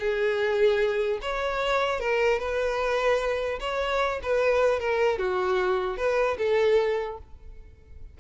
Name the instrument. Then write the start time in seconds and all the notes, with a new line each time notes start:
violin
0.00 G#4
1.22 C#5
2.01 A#4
2.40 B4
3.61 C#5
4.23 B4
4.80 A#4
5.19 F#4
5.98 B4
6.38 A4